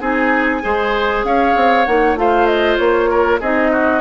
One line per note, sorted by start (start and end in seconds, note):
0.00 0.62 C4
0.00 0.62 D#4
0.00 0.62 G#4
0.00 1.25 G#5
0.62 1.24 G#3
0.62 1.85 G#4
0.62 1.26 C5
1.24 1.55 C#4
1.24 2.19 C#5
1.24 1.85 F5
1.56 1.87 C4
1.85 2.15 A#3
1.85 2.16 D#4
1.85 2.16 F#5
2.15 2.77 A3
2.15 3.40 F4
2.15 3.10 C5
2.15 2.46 F5
2.46 2.77 D#5
2.77 3.41 A#3
2.77 3.39 C#5
3.10 3.40 A#4
3.40 4.01 C4
3.40 4.01 D#4
3.40 3.71 G#4
3.40 4.01 D#5
3.72 4.01 F#4